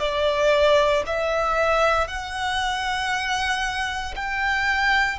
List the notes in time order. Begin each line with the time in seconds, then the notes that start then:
0.00 D5
1.07 E5
2.08 F#5
4.16 G5